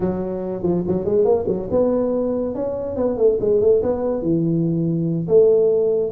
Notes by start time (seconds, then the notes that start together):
0.00 F#3
0.62 F3
0.87 F#3
1.05 G#3
1.24 A#3
1.47 F#3
1.70 B3
2.54 C#4
2.96 B3
3.17 A3
3.40 G#3
3.60 A3
3.82 B3
4.22 E3
5.27 A3